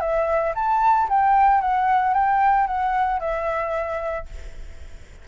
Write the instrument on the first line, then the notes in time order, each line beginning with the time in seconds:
flute
0.00 E5
0.55 A5
1.09 G5
1.60 F#5
2.14 G5
2.67 F#5
3.19 E5